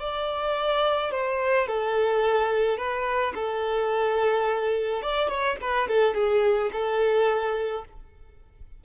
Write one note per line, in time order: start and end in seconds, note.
0.00 1.11 D5
1.11 1.67 C5
1.67 2.78 A4
2.78 3.34 B4
3.35 5.02 A4
5.02 5.28 D5
5.28 5.56 C#5
5.61 5.88 B4
5.88 6.15 A4
6.15 6.71 G#4
6.72 7.84 A4